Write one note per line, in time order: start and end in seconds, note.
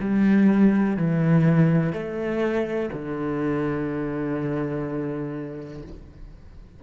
0.00 0.97 G3
0.97 1.93 E3
1.93 2.89 A3
2.93 5.83 D3